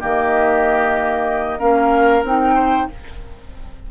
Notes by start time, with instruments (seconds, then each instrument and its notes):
0.00 bassoon D#3, clarinet A#3, oboe G4, flute D#5
1.58 bassoon A#3, clarinet C#4, oboe A#4, flute F5
2.23 bassoon C4, clarinet D#4, flute G5
2.55 oboe C5